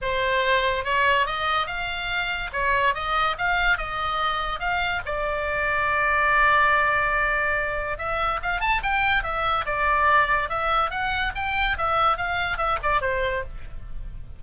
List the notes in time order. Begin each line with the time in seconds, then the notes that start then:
0.01 C5
0.84 C#5
1.26 D#5
1.66 F5
2.53 C#5
2.94 D#5
3.38 F5
3.77 D#5
4.59 F5
5.05 D5
7.98 E5
8.42 F5
8.60 A5
8.82 G5
9.23 E5
9.65 D5
10.49 E5
10.90 F#5
11.35 G5
11.77 E5
12.17 F5
12.57 E5
12.82 D5
13.01 C5